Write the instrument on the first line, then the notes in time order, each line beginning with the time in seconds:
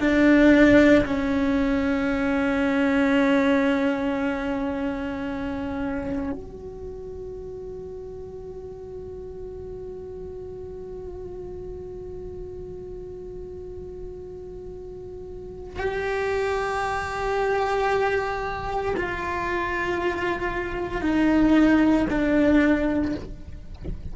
cello
0.00 D4
1.05 C#4
6.32 F#4
15.79 G4
18.97 F4
21.01 D#4
22.10 D4